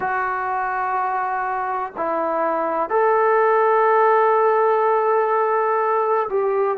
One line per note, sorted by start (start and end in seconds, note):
0.00 1.92 F#4
1.97 2.89 E4
2.89 6.28 A4
6.29 6.77 G4